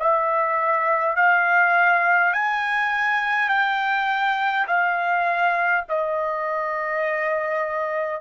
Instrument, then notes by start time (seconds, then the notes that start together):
trumpet
0.00 E5
1.16 F5
2.34 G#5
3.49 G5
4.68 F5
5.89 D#5